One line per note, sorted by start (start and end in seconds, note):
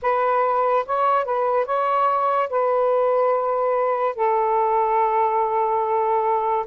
0.02 0.85 B4
0.86 1.25 C#5
1.25 1.65 B4
1.65 2.48 C#5
2.49 4.15 B4
4.15 6.65 A4